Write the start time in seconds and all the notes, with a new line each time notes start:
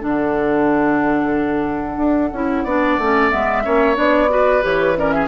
0.00 D3 D4 A4 F#5
1.97 D4
2.33 C#4 E4
2.64 B3 D4 D5
2.98 A3 C#4
3.30 G#3 B3 E5
3.64 A#3 C#4 C#5
3.95 B3 D4 D5
4.29 F#4 B4
4.62 E3 G4 C#5
4.97 C#4 A#4 D5
5.11 G#4 E5